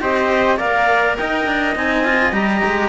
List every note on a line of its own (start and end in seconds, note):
0.00 0.59 C4
0.00 0.57 G4
0.00 0.57 C5
0.00 0.58 D#5
0.57 1.18 A#3
0.57 1.73 A#4
0.57 1.15 D5
0.57 1.16 F5
1.16 1.46 D#4
1.16 2.89 D#5
1.16 1.75 G5
1.46 1.75 D4
1.75 2.32 C4
1.75 2.04 D#4
1.75 2.33 G#5
2.04 2.32 F4
2.32 2.61 G3
2.32 2.89 G4
2.32 2.89 A#5
2.64 2.89 G#3